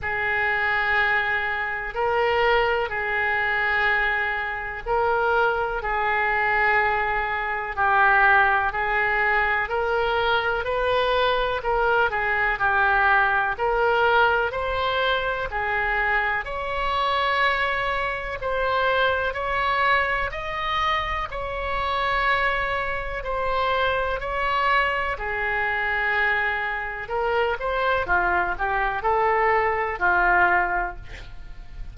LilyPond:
\new Staff \with { instrumentName = "oboe" } { \time 4/4 \tempo 4 = 62 gis'2 ais'4 gis'4~ | gis'4 ais'4 gis'2 | g'4 gis'4 ais'4 b'4 | ais'8 gis'8 g'4 ais'4 c''4 |
gis'4 cis''2 c''4 | cis''4 dis''4 cis''2 | c''4 cis''4 gis'2 | ais'8 c''8 f'8 g'8 a'4 f'4 | }